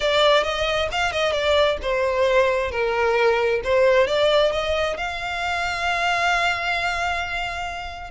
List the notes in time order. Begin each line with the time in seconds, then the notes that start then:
0.00 D5
0.43 D#5
0.91 F5
1.12 D#5
1.32 D5
1.82 C5
2.71 A#4
3.64 C5
4.07 D5
4.52 D#5
4.97 F5